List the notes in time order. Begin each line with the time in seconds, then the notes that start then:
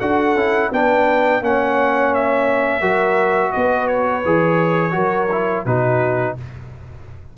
0.00 D4 F#4 A4 F#5
0.35 C#4 E4
0.72 B3 D4 B4 G5
1.41 A#3 C#4 C#5 F#5
2.14 E5
2.81 F#3 F#4 A#4
3.52 B3 B4 D#5
3.87 C#5
4.25 E3 G#4
4.92 F#3 F#4 A#4
5.32 E4
5.65 B2 D#4 F#4 B4